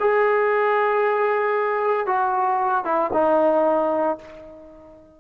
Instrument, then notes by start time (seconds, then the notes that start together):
trombone
0.00 G#4
2.06 F#4
2.84 E4
3.13 D#4